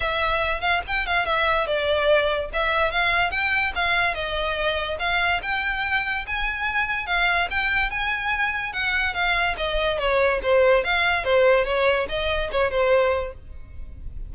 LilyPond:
\new Staff \with { instrumentName = "violin" } { \time 4/4 \tempo 4 = 144 e''4. f''8 g''8 f''8 e''4 | d''2 e''4 f''4 | g''4 f''4 dis''2 | f''4 g''2 gis''4~ |
gis''4 f''4 g''4 gis''4~ | gis''4 fis''4 f''4 dis''4 | cis''4 c''4 f''4 c''4 | cis''4 dis''4 cis''8 c''4. | }